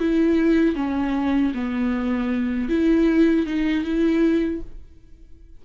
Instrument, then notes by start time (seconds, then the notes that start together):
viola
0.00 E4
0.76 C#4
1.55 B3
2.69 E4
3.47 D#4
3.84 E4